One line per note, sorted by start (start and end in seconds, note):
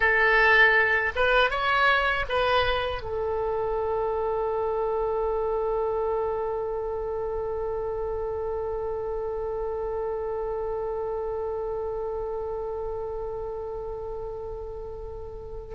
0.00 1.12 A4
1.15 1.50 B4
1.50 2.25 C#5
2.29 3.02 B4
3.02 15.74 A4